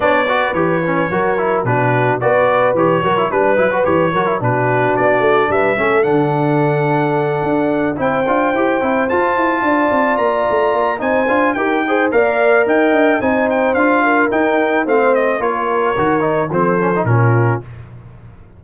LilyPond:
<<
  \new Staff \with { instrumentName = "trumpet" } { \time 4/4 \tempo 4 = 109 d''4 cis''2 b'4 | d''4 cis''4 b'4 cis''4 | b'4 d''4 e''4 fis''4~ | fis''2~ fis''8 g''4.~ |
g''8 a''2 ais''4. | gis''4 g''4 f''4 g''4 | gis''8 g''8 f''4 g''4 f''8 dis''8 | cis''2 c''4 ais'4 | }
  \new Staff \with { instrumentName = "horn" } { \time 4/4 cis''8 b'4. ais'4 fis'4 | b'4. ais'8 b'4. ais'8 | fis'2 b'8 a'4.~ | a'2~ a'8 c''4.~ |
c''4. d''2~ d''8 | c''4 ais'8 c''8 d''4 dis''4 | c''4. ais'4. c''4 | ais'2 a'4 f'4 | }
  \new Staff \with { instrumentName = "trombone" } { \time 4/4 d'8 fis'8 g'8 cis'8 fis'8 e'8 d'4 | fis'4 g'8 fis'16 e'16 d'8 e'16 fis'16 g'8 fis'16 e'16 | d'2~ d'8 cis'8 d'4~ | d'2~ d'8 e'8 f'8 g'8 |
e'8 f'2.~ f'8 | dis'8 f'8 g'8 gis'8 ais'2 | dis'4 f'4 dis'4 c'4 | f'4 fis'8 dis'8 c'8 cis'16 dis'16 cis'4 | }
  \new Staff \with { instrumentName = "tuba" } { \time 4/4 b4 e4 fis4 b,4 | b4 e8 fis8 g8 fis8 e8 fis8 | b,4 b8 a8 g8 a8 d4~ | d4. d'4 c'8 d'8 e'8 |
c'8 f'8 e'8 d'8 c'8 ais8 a8 ais8 | c'8 d'8 dis'4 ais4 dis'8 d'8 | c'4 d'4 dis'4 a4 | ais4 dis4 f4 ais,4 | }
>>